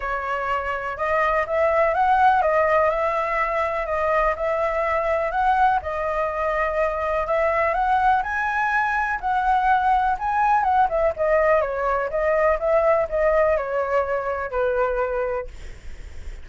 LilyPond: \new Staff \with { instrumentName = "flute" } { \time 4/4 \tempo 4 = 124 cis''2 dis''4 e''4 | fis''4 dis''4 e''2 | dis''4 e''2 fis''4 | dis''2. e''4 |
fis''4 gis''2 fis''4~ | fis''4 gis''4 fis''8 e''8 dis''4 | cis''4 dis''4 e''4 dis''4 | cis''2 b'2 | }